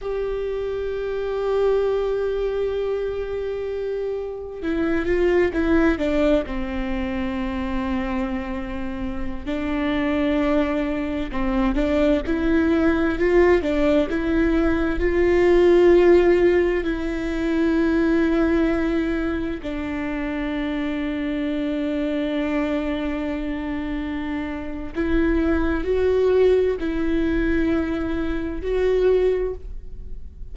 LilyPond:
\new Staff \with { instrumentName = "viola" } { \time 4/4 \tempo 4 = 65 g'1~ | g'4 e'8 f'8 e'8 d'8 c'4~ | c'2~ c'16 d'4.~ d'16~ | d'16 c'8 d'8 e'4 f'8 d'8 e'8.~ |
e'16 f'2 e'4.~ e'16~ | e'4~ e'16 d'2~ d'8.~ | d'2. e'4 | fis'4 e'2 fis'4 | }